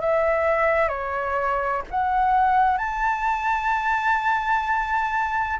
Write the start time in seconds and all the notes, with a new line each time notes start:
0.00 E5
0.88 C#5
1.90 F#5
2.77 A5